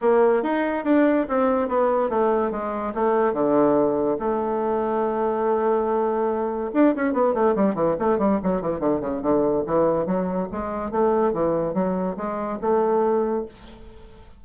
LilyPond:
\new Staff \with { instrumentName = "bassoon" } { \time 4/4 \tempo 4 = 143 ais4 dis'4 d'4 c'4 | b4 a4 gis4 a4 | d2 a2~ | a1 |
d'8 cis'8 b8 a8 g8 e8 a8 g8 | fis8 e8 d8 cis8 d4 e4 | fis4 gis4 a4 e4 | fis4 gis4 a2 | }